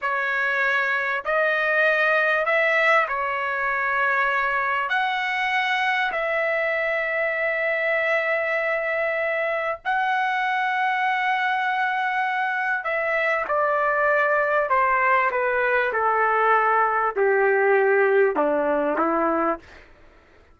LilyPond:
\new Staff \with { instrumentName = "trumpet" } { \time 4/4 \tempo 4 = 98 cis''2 dis''2 | e''4 cis''2. | fis''2 e''2~ | e''1 |
fis''1~ | fis''4 e''4 d''2 | c''4 b'4 a'2 | g'2 d'4 e'4 | }